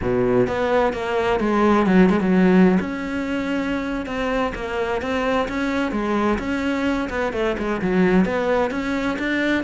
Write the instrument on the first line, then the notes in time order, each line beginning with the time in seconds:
cello
0.01 B2
0.47 B3
0.93 A#3
1.40 G#3
1.86 F#3
2.09 G#3
2.20 F#3
2.79 C#4
4.06 C4
4.55 A#3
5.01 C4
5.48 C#4
5.91 G#3
6.38 C#4
7.09 B3
7.33 A3
7.58 G#3
7.81 F#3
8.25 B3
8.71 C#4
9.18 D4